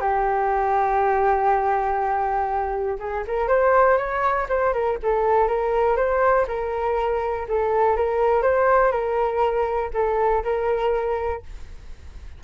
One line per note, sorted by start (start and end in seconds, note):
0.00 2.98 G4
2.99 3.23 G#4
3.27 3.48 A#4
3.48 3.97 C5
3.97 4.47 C#5
4.49 4.73 C5
4.73 4.97 A#4
5.02 5.47 A4
5.47 5.96 A#4
5.96 6.46 C5
6.47 7.47 A#4
7.48 7.96 A4
7.96 8.42 A#4
8.42 8.91 C5
8.91 9.90 A#4
9.93 10.43 A4
10.43 11.42 A#4